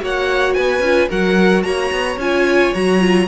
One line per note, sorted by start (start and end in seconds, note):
0.00 0.57 A#3
0.00 0.82 F#4
0.00 0.56 C#5
0.00 0.54 F#5
0.54 0.80 B3
0.54 1.10 B4
0.54 1.08 G#5
0.80 1.07 C#4
0.80 1.09 F4
1.09 1.64 F#3
1.09 2.18 F#4
1.09 1.64 A#4
1.09 1.63 F#5
1.63 1.91 A#3
1.63 3.28 C#5
1.63 2.17 A#5
1.92 2.17 B3
2.17 2.72 C#4
2.17 2.75 F4
2.17 2.74 G#5
2.74 3.28 F#3
2.74 3.00 F#4
2.74 3.28 A#5
3.00 3.27 F4